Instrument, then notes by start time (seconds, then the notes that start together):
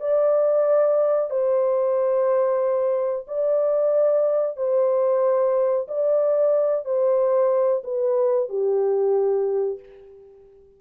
horn
0.00 D5
1.30 C5
3.27 D5
4.56 C5
5.87 D5
6.84 C5
7.83 B4
8.49 G4